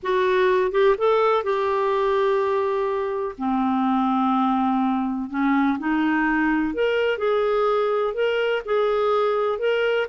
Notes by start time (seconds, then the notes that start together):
0.02 F#4
0.71 G4
0.98 A4
1.43 G4
3.38 C4
5.30 C#4
5.78 D#4
6.74 A#4
7.18 G#4
8.14 A#4
8.65 G#4
9.58 A#4